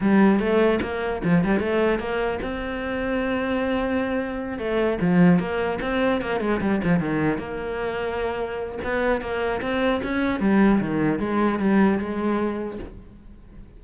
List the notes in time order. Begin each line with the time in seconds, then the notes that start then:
0.01 G3
0.39 A3
0.81 A#3
1.24 F3
1.43 G3
1.59 A3
1.99 A#3
2.41 C4
4.58 A3
5.01 F3
5.39 A#3
5.81 C4
6.21 A#3
6.40 G#3
6.60 G3
6.84 F3
6.99 D#3
7.38 A#3
8.84 B3
9.21 A#3
9.61 C4
10.03 C#4
10.40 G3
10.80 D#3
11.19 G#3
11.59 G3
11.98 G#3